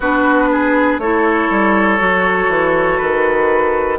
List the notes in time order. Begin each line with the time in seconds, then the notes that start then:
0.00 B3 D4 F#4 B4
0.51 G#4
0.98 A3 E4 A4 C#5
1.50 G3
1.97 F#3 F#4
2.48 E3
2.97 D#3 B4